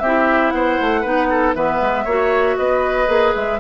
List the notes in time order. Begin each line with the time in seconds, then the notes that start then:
0.00 C4 G4 E5
0.07 E4
0.51 B3 C5 F#5
0.81 A3
1.01 B3 D#4 B4
1.31 A4
1.55 E3 B3 B4 E5
1.81 G#3
2.05 A#3 F#4 C#5
2.58 B3 B4 D#5
3.07 A#3 G#4
3.35 G#3 E5